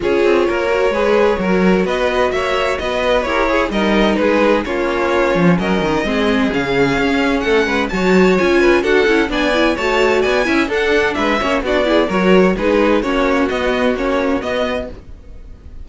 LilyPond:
<<
  \new Staff \with { instrumentName = "violin" } { \time 4/4 \tempo 4 = 129 cis''1 | dis''4 e''4 dis''4 cis''4 | dis''4 b'4 cis''2 | dis''2 f''2 |
fis''4 a''4 gis''4 fis''4 | gis''4 a''4 gis''4 fis''4 | e''4 d''4 cis''4 b'4 | cis''4 dis''4 cis''4 dis''4 | }
  \new Staff \with { instrumentName = "violin" } { \time 4/4 gis'4 ais'4 b'4 ais'4 | b'4 cis''4 b'4 ais'8 gis'8 | ais'4 gis'4 f'2 | ais'4 gis'2. |
a'8 b'8 cis''4. b'8 a'4 | d''4 cis''4 d''8 e''8 a'4 | b'8 cis''8 fis'8 gis'8 ais'4 gis'4 | fis'1 | }
  \new Staff \with { instrumentName = "viola" } { \time 4/4 f'4. fis'8 gis'4 fis'4~ | fis'2. g'8 gis'8 | dis'2 cis'2~ | cis'4 c'4 cis'2~ |
cis'4 fis'4 f'4 fis'8 e'8 | d'8 e'8 fis'4. e'8 d'4~ | d'8 cis'8 d'8 e'8 fis'4 dis'4 | cis'4 b4 cis'4 b4 | }
  \new Staff \with { instrumentName = "cello" } { \time 4/4 cis'8 c'8 ais4 gis4 fis4 | b4 ais4 b4 e'4 | g4 gis4 ais4. f8 | fis8 dis8 gis4 cis4 cis'4 |
a8 gis8 fis4 cis'4 d'8 cis'8 | b4 a4 b8 cis'8 d'4 | gis8 ais8 b4 fis4 gis4 | ais4 b4 ais4 b4 | }
>>